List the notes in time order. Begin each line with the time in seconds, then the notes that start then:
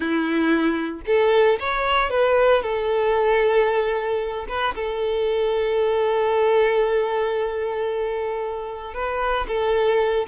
0.00 E4
1.06 A4
1.59 C#5
2.09 B4
2.62 A4
4.48 B4
4.75 A4
8.94 B4
9.47 A4